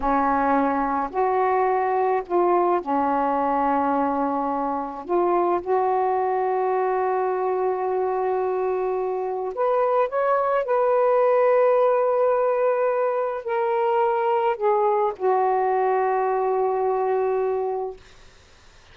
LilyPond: \new Staff \with { instrumentName = "saxophone" } { \time 4/4 \tempo 4 = 107 cis'2 fis'2 | f'4 cis'2.~ | cis'4 f'4 fis'2~ | fis'1~ |
fis'4 b'4 cis''4 b'4~ | b'1 | ais'2 gis'4 fis'4~ | fis'1 | }